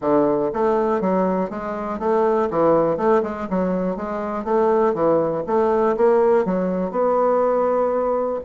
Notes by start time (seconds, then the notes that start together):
0.01 D3
0.53 A3
1.01 F#3
1.50 G#3
1.99 A3
2.50 E3
2.97 A3
3.22 G#3
3.50 F#3
3.96 G#3
4.44 A3
4.94 E3
5.47 A3
5.97 A#3
6.45 F#3
6.91 B3